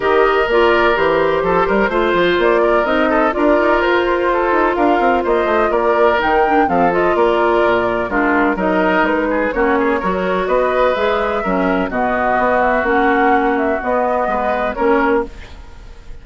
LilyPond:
<<
  \new Staff \with { instrumentName = "flute" } { \time 4/4 \tempo 4 = 126 dis''4 d''4 c''2~ | c''4 d''4 dis''4 d''4 | c''2 f''4 dis''4 | d''4 g''4 f''8 dis''8 d''4~ |
d''4 ais'4 dis''4 b'4 | cis''2 dis''4 e''4~ | e''4 dis''4. e''8 fis''4~ | fis''8 e''8 dis''2 cis''4 | }
  \new Staff \with { instrumentName = "oboe" } { \time 4/4 ais'2. a'8 ais'8 | c''4. ais'4 a'8 ais'4~ | ais'4 a'4 ais'4 c''4 | ais'2 a'4 ais'4~ |
ais'4 f'4 ais'4. gis'8 | fis'8 gis'8 ais'4 b'2 | ais'4 fis'2.~ | fis'2 b'4 ais'4 | }
  \new Staff \with { instrumentName = "clarinet" } { \time 4/4 g'4 f'4 g'2 | f'2 dis'4 f'4~ | f'1~ | f'4 dis'8 d'8 c'8 f'4.~ |
f'4 d'4 dis'2 | cis'4 fis'2 gis'4 | cis'4 b2 cis'4~ | cis'4 b2 cis'4 | }
  \new Staff \with { instrumentName = "bassoon" } { \time 4/4 dis4 ais4 e4 f8 g8 | a8 f8 ais4 c'4 d'8 dis'8 | f'4. dis'8 d'8 c'8 ais8 a8 | ais4 dis4 f4 ais4 |
ais,4 gis4 fis4 gis4 | ais4 fis4 b4 gis4 | fis4 b,4 b4 ais4~ | ais4 b4 gis4 ais4 | }
>>